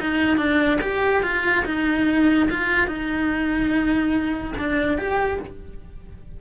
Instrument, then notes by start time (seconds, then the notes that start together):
cello
0.00 D#4
0.37 D4
0.81 G4
1.23 F4
1.65 D#4
2.49 F4
2.87 D#4
4.58 D4
4.98 G4